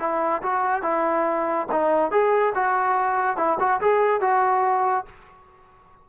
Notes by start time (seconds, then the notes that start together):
0.00 E4
0.43 F#4
0.83 E4
1.72 D#4
2.12 G#4
2.55 F#4
3.37 E4
3.60 F#4
3.81 G#4
4.21 F#4